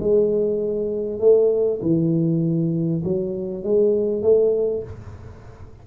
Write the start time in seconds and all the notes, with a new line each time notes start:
0.00 G#3
1.20 A3
1.82 E3
3.04 F#3
3.63 G#3
4.23 A3